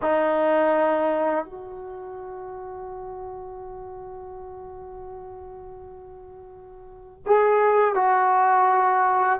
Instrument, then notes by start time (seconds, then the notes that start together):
trombone
0.02 D#4
1.45 F#4
7.26 G#4
7.95 F#4